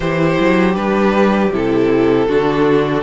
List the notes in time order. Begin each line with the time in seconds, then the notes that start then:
0.00 E3 E4 G4 C5
0.39 F#3
0.74 G3 D4 B4
1.51 C3 E4 A4
2.27 D3 D4 F#4